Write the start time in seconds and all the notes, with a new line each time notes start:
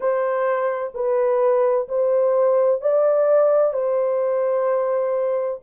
0.00 C5
0.94 B4
1.88 C5
2.81 D5
3.73 C5